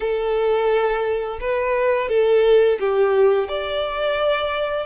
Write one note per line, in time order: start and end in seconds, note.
0.00 1.39 A4
1.40 2.09 B4
2.09 2.78 A4
2.79 3.48 G4
3.48 4.86 D5